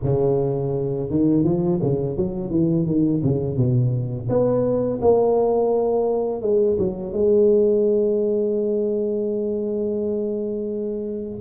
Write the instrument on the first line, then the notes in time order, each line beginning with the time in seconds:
tuba
0.03 C#3
1.09 D#3
1.44 F3
1.82 C#3
2.16 F#3
2.50 E3
2.85 D#3
3.23 C#3
3.56 B2
4.29 B3
5.01 A#3
6.41 G#3
6.78 F#3
7.12 G#3